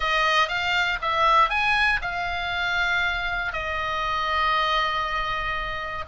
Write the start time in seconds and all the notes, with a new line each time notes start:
0.00 D#5
0.48 F5
1.01 E5
1.49 G#5
2.01 F5
3.52 D#5